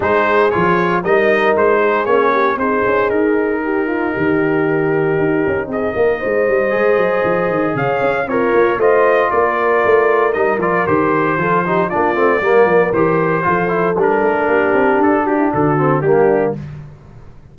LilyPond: <<
  \new Staff \with { instrumentName = "trumpet" } { \time 4/4 \tempo 4 = 116 c''4 cis''4 dis''4 c''4 | cis''4 c''4 ais'2~ | ais'2. dis''4~ | dis''2. f''4 |
cis''4 dis''4 d''2 | dis''8 d''8 c''2 d''4~ | d''4 c''2 ais'4~ | ais'4 a'8 g'8 a'4 g'4 | }
  \new Staff \with { instrumentName = "horn" } { \time 4/4 gis'2 ais'4. gis'8~ | gis'8 g'8 gis'2 g'8 f'8 | g'2. gis'8 ais'8 | c''2. cis''4 |
f'4 c''4 ais'2~ | ais'2 a'8 g'8 f'4 | ais'2 a'2 | g'4. fis'16 e'16 fis'4 d'4 | }
  \new Staff \with { instrumentName = "trombone" } { \time 4/4 dis'4 f'4 dis'2 | cis'4 dis'2.~ | dis'1~ | dis'4 gis'2. |
ais'4 f'2. | dis'8 f'8 g'4 f'8 dis'8 d'8 c'8 | ais4 g'4 f'8 e'8 d'4~ | d'2~ d'8 c'8 ais4 | }
  \new Staff \with { instrumentName = "tuba" } { \time 4/4 gis4 f4 g4 gis4 | ais4 c'8 cis'8 dis'2 | dis2 dis'8 cis'8 c'8 ais8 | gis8 g8 gis8 fis8 f8 dis8 cis8 cis'8 |
c'8 ais8 a4 ais4 a4 | g8 f8 dis4 f4 ais8 a8 | g8 f8 e4 f4 g8 a8 | ais8 c'8 d'4 d4 g4 | }
>>